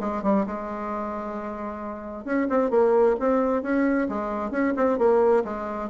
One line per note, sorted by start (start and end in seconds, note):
0.00 0.23 G#3
0.23 0.45 G3
0.46 2.24 G#3
2.24 2.47 C#4
2.49 2.70 C4
2.70 3.16 A#3
3.20 3.62 C4
3.62 4.08 C#4
4.09 4.51 G#3
4.51 4.74 C#4
4.76 4.98 C4
4.98 5.44 A#3
5.44 5.90 G#3